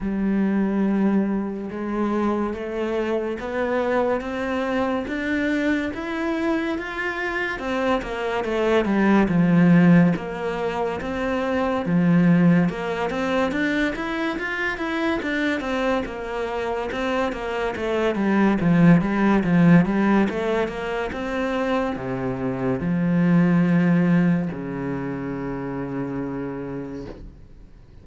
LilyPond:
\new Staff \with { instrumentName = "cello" } { \time 4/4 \tempo 4 = 71 g2 gis4 a4 | b4 c'4 d'4 e'4 | f'4 c'8 ais8 a8 g8 f4 | ais4 c'4 f4 ais8 c'8 |
d'8 e'8 f'8 e'8 d'8 c'8 ais4 | c'8 ais8 a8 g8 f8 g8 f8 g8 | a8 ais8 c'4 c4 f4~ | f4 cis2. | }